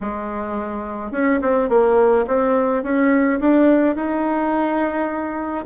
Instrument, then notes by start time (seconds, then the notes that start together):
bassoon
0.00 G#3
1.11 C#4
1.41 C4
1.69 A#3
2.27 C4
2.83 C#4
3.40 D4
3.95 D#4